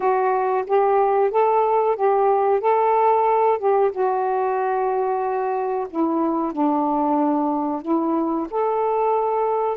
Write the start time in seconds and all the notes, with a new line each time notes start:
0.00 F#4
0.66 G4
1.30 A4
1.96 G4
2.60 A4
3.58 G4
3.91 F#4
5.90 E4
6.52 D4
7.82 E4
8.50 A4